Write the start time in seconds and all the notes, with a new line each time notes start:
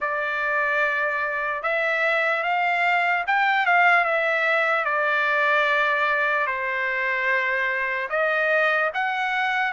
0.00 D5
1.63 E5
2.43 F5
3.27 G5
3.66 F5
4.04 E5
4.84 D5
6.46 C5
8.09 D#5
8.94 F#5